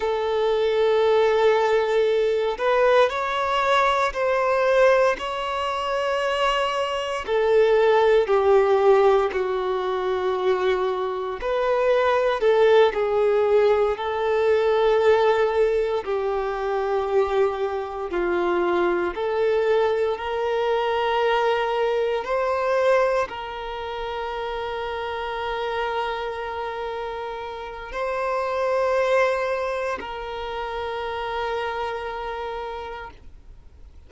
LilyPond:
\new Staff \with { instrumentName = "violin" } { \time 4/4 \tempo 4 = 58 a'2~ a'8 b'8 cis''4 | c''4 cis''2 a'4 | g'4 fis'2 b'4 | a'8 gis'4 a'2 g'8~ |
g'4. f'4 a'4 ais'8~ | ais'4. c''4 ais'4.~ | ais'2. c''4~ | c''4 ais'2. | }